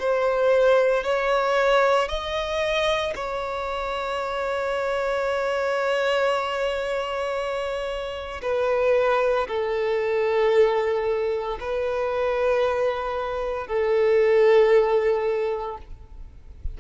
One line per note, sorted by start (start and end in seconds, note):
0.00 1.04 C5
1.04 2.08 C#5
2.08 3.13 D#5
3.15 8.42 C#5
8.42 9.47 B4
9.47 11.58 A4
11.60 13.67 B4
13.67 15.78 A4